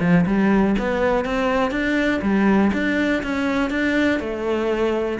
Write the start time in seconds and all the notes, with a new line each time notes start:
0.00 F3
0.26 G3
0.78 B3
1.25 C4
1.71 D4
2.22 G3
2.73 D4
3.23 C#4
3.70 D4
4.19 A3